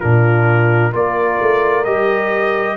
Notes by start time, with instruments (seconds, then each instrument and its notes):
0.00 tuba A#2, trombone D4, horn F4, trumpet A#4
0.92 tuba A#3, trombone F4, horn A#4, trumpet D5
1.42 tuba A3
1.85 tuba G3, trombone G4, trumpet D#5